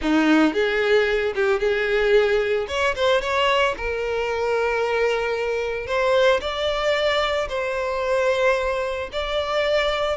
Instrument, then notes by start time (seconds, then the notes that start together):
violin
0.01 D#4
0.53 G#4
1.35 G4
1.59 G#4
2.68 C#5
2.95 C5
3.21 C#5
3.77 A#4
5.87 C5
6.40 D5
7.49 C5
9.12 D5